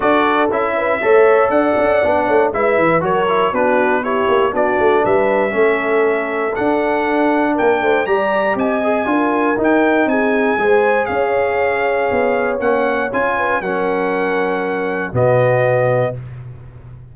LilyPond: <<
  \new Staff \with { instrumentName = "trumpet" } { \time 4/4 \tempo 4 = 119 d''4 e''2 fis''4~ | fis''4 e''4 cis''4 b'4 | cis''4 d''4 e''2~ | e''4 fis''2 g''4 |
ais''4 gis''2 g''4 | gis''2 f''2~ | f''4 fis''4 gis''4 fis''4~ | fis''2 dis''2 | }
  \new Staff \with { instrumentName = "horn" } { \time 4/4 a'4. b'8 cis''4 d''4~ | d''8 cis''8 b'4 ais'4 fis'4 | g'4 fis'4 b'4 a'4~ | a'2. ais'8 c''8 |
d''4 dis''4 ais'2 | gis'4 c''4 cis''2~ | cis''2~ cis''8 b'8 ais'4~ | ais'2 fis'2 | }
  \new Staff \with { instrumentName = "trombone" } { \time 4/4 fis'4 e'4 a'2 | d'4 e'4 fis'8 e'8 d'4 | e'4 d'2 cis'4~ | cis'4 d'2. |
g'4. gis'8 f'4 dis'4~ | dis'4 gis'2.~ | gis'4 cis'4 f'4 cis'4~ | cis'2 b2 | }
  \new Staff \with { instrumentName = "tuba" } { \time 4/4 d'4 cis'4 a4 d'8 cis'8 | b8 a8 gis8 e8 fis4 b4~ | b8 ais8 b8 a8 g4 a4~ | a4 d'2 ais8 a8 |
g4 c'4 d'4 dis'4 | c'4 gis4 cis'2 | b4 ais4 cis'4 fis4~ | fis2 b,2 | }
>>